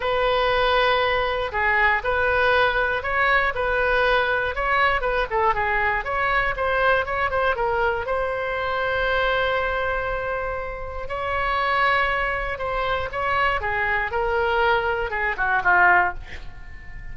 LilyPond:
\new Staff \with { instrumentName = "oboe" } { \time 4/4 \tempo 4 = 119 b'2. gis'4 | b'2 cis''4 b'4~ | b'4 cis''4 b'8 a'8 gis'4 | cis''4 c''4 cis''8 c''8 ais'4 |
c''1~ | c''2 cis''2~ | cis''4 c''4 cis''4 gis'4 | ais'2 gis'8 fis'8 f'4 | }